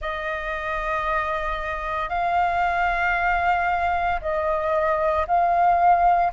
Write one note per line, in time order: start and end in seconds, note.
0.01 2.09 D#5
2.09 4.20 F5
4.21 5.26 D#5
5.27 6.32 F5